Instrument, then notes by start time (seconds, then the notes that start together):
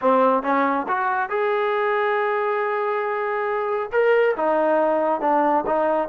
trombone
0.01 C4
0.42 C#4
0.88 F#4
1.29 G#4
3.92 A#4
4.36 D#4
5.20 D4
5.66 D#4